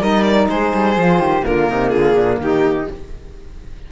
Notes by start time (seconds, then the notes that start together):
0.00 G3 D#4 A#4 D#5
0.22 D5
0.49 G#3 G#4 C5
0.74 G3
0.97 F3 F4
1.18 D#3 G4
1.40 A#3 F4 A#4
1.47 D3
1.70 C3 D#4
1.89 D3 F4 G#4
2.14 A#2 D4
2.39 D#3 D#4 G4